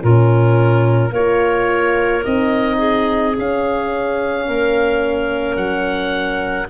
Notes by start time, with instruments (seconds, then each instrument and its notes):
0.00 tuba A#2, horn C#4, clarinet F4, oboe A#4
1.10 tuba A#3, horn F4, clarinet A#4, oboe C#5
2.23 tuba C4, horn D#4, oboe D#5
2.78 clarinet G#4
3.34 horn C#4, tuba C#4, oboe F5
4.47 tuba A#3, clarinet A#4
5.56 tuba F#3, oboe F#5